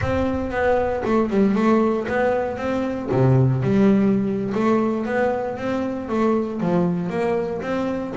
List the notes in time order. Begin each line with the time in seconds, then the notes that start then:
0.01 C4
0.51 B3
1.04 A3
1.30 G3
1.55 A3
2.07 B3
2.57 C4
3.11 C3
3.62 G3
4.54 A3
5.05 B3
5.57 C4
6.08 A3
6.60 F3
7.09 A#3
7.62 C4